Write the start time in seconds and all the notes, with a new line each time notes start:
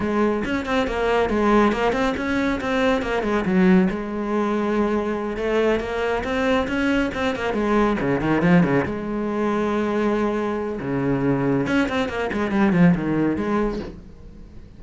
0.00 G#3
0.44 C#4
0.65 C4
0.87 A#3
1.29 G#3
1.72 A#3
1.92 C4
2.16 C#4
2.60 C4
3.02 A#3
3.22 G#3
3.45 F#3
3.90 G#3
5.36 A3
5.80 A#3
6.24 C4
6.67 C#4
7.14 C4
7.35 A#3
7.53 G#3
8.00 C#3
8.21 D#3
8.42 F3
8.63 C#3
8.85 G#3
10.80 C#3
11.67 C#4
11.88 C4
12.09 A#3
12.32 G#3
12.51 G3
12.72 F3
12.95 D#3
13.36 G#3